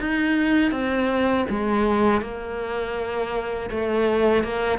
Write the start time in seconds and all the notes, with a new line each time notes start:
0.00 D#4
0.71 C4
1.49 G#3
2.21 A#3
3.70 A3
4.43 A#3